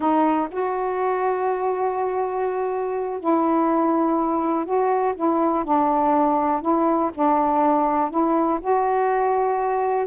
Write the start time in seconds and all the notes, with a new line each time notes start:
0.00 D#4
0.50 F#4
3.20 E4
4.65 F#4
5.16 E4
5.64 D4
6.61 E4
7.14 D4
8.10 E4
8.60 F#4